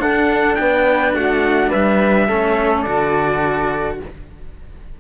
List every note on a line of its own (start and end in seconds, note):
0.00 2.29 D4
0.00 0.57 D4
0.00 0.59 A4
0.00 0.55 F#5
0.55 1.15 B3
0.55 1.15 B4
0.55 1.12 G5
1.15 1.72 A3
1.15 1.69 F#4
1.15 1.72 F#5
1.69 2.29 G3
1.69 2.26 B4
1.69 2.82 E5
2.28 2.86 A3
2.28 2.86 C#4
2.28 3.99 A4
2.82 4.00 D3
2.82 4.00 F#4
2.82 3.97 D5